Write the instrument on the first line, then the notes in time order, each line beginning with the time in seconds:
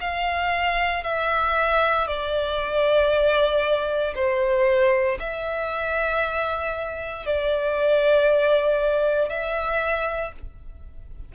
violin
0.00 F5
1.03 E5
2.07 D5
4.14 C5
5.20 E5
7.26 D5
9.29 E5